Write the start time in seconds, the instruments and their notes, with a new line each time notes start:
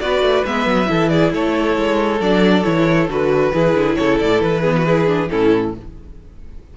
0.00 cello B3, viola F#4, violin B4 D5
0.21 cello A3
0.45 cello G#3, viola B3, violin E5
0.66 cello F#3
0.86 cello E3, viola E4, violin A4
1.09 violin G#4 D5
1.33 cello A3, violin A4 C#5
1.77 cello G#3
2.20 cello F#3, viola D4, violin D5
2.64 cello E3, viola E4, violin C#5
3.08 cello D3, viola F#4, violin B4
3.52 cello E3, viola E4, violin G#4
3.75 cello D3
3.95 cello C#3, violin A4 C#5
4.19 cello A2, violin D5
4.41 cello E3, violin B4
4.61 viola B3, violin G#4
4.77 violin F#4
4.85 viola E4, violin G#4
5.07 viola D4
5.29 cello A2, viola C#4, violin E4 A4